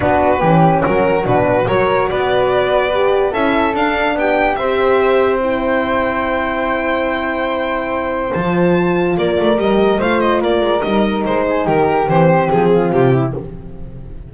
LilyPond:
<<
  \new Staff \with { instrumentName = "violin" } { \time 4/4 \tempo 4 = 144 b'2 ais'4 b'4 | cis''4 d''2. | e''4 f''4 g''4 e''4~ | e''4 g''2.~ |
g''1 | a''2 d''4 dis''4 | f''8 dis''8 d''4 dis''4 c''4 | ais'4 c''4 gis'4 g'4 | }
  \new Staff \with { instrumentName = "flute" } { \time 4/4 fis'4 g'4 fis'2 | ais'4 b'2. | a'2 g'4 c''4~ | c''1~ |
c''1~ | c''2 ais'2 | c''4 ais'2~ ais'8 gis'8 | g'2~ g'8 f'4 e'8 | }
  \new Staff \with { instrumentName = "horn" } { \time 4/4 d'4 cis'2 d'4 | fis'2. g'4 | e'4 d'2 g'4~ | g'4 e'2.~ |
e'1 | f'2. g'4 | f'2 dis'2~ | dis'4 c'2. | }
  \new Staff \with { instrumentName = "double bass" } { \time 4/4 b4 e4 fis4 b,4 | fis4 b2. | cis'4 d'4 b4 c'4~ | c'1~ |
c'1 | f2 ais8 a8 g4 | a4 ais8 gis8 g4 gis4 | dis4 e4 f4 c4 | }
>>